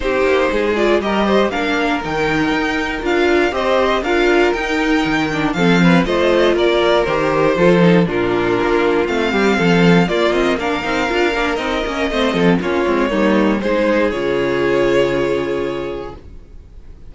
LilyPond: <<
  \new Staff \with { instrumentName = "violin" } { \time 4/4 \tempo 4 = 119 c''4. d''8 dis''4 f''4 | g''2 f''4 dis''4 | f''4 g''2 f''4 | dis''4 d''4 c''2 |
ais'2 f''2 | d''8 dis''8 f''2 dis''4~ | dis''4 cis''2 c''4 | cis''1 | }
  \new Staff \with { instrumentName = "violin" } { \time 4/4 g'4 gis'4 ais'8 c''8 ais'4~ | ais'2. c''4 | ais'2. a'8 b'8 | c''4 ais'2 a'4 |
f'2~ f'8 g'8 a'4 | f'4 ais'2. | c''8 a'8 f'4 dis'4 gis'4~ | gis'1 | }
  \new Staff \with { instrumentName = "viola" } { \time 4/4 dis'4. f'8 g'4 d'4 | dis'2 f'4 g'4 | f'4 dis'4. d'8 c'4 | f'2 g'4 f'8 dis'8 |
d'2 c'2 | ais8 c'8 d'8 dis'8 f'8 d'8 dis'8 cis'8 | c'4 cis'8 c'8 ais4 dis'4 | f'1 | }
  \new Staff \with { instrumentName = "cello" } { \time 4/4 c'8 ais8 gis4 g4 ais4 | dis4 dis'4 d'4 c'4 | d'4 dis'4 dis4 f4 | a4 ais4 dis4 f4 |
ais,4 ais4 a8 g8 f4 | ais4. c'8 d'8 ais8 c'8 ais8 | a8 f8 ais8 gis8 g4 gis4 | cis1 | }
>>